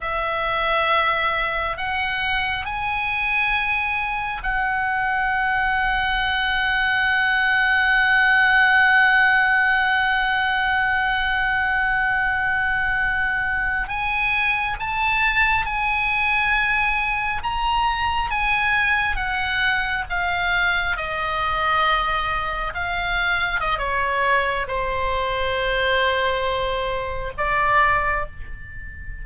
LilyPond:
\new Staff \with { instrumentName = "oboe" } { \time 4/4 \tempo 4 = 68 e''2 fis''4 gis''4~ | gis''4 fis''2.~ | fis''1~ | fis''2.~ fis''8. gis''16~ |
gis''8. a''4 gis''2 ais''16~ | ais''8. gis''4 fis''4 f''4 dis''16~ | dis''4.~ dis''16 f''4 dis''16 cis''4 | c''2. d''4 | }